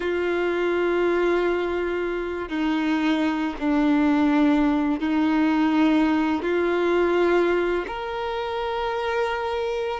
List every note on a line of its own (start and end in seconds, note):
0.00 2.48 F4
2.48 3.55 D#4
3.59 5.00 D4
5.00 6.42 D#4
6.42 7.85 F4
7.87 10.00 A#4